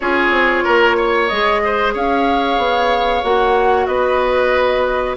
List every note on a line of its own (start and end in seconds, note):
0.00 0.30 C#4
0.00 1.30 F4
0.00 0.64 G#4
0.00 1.27 C#5
0.30 0.62 C4
0.64 1.31 A#3
0.64 0.96 A#4
0.96 1.61 C#5
1.27 1.94 G#3
1.27 3.23 G#4
1.27 1.92 D#5
1.64 1.93 C5
1.93 2.57 C#4
1.93 3.87 C#5
1.93 3.24 F5
2.57 3.22 B3
3.23 3.87 A#3
3.23 5.16 F#4
3.23 3.86 F#5
3.86 5.16 B3
3.86 5.16 B4
3.86 5.15 D#5